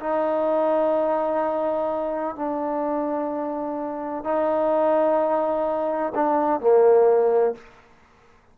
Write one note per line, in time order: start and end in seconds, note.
0.00 2.35 D#4
2.35 4.24 D4
4.24 6.13 D#4
6.15 6.60 D4
6.60 7.55 A#3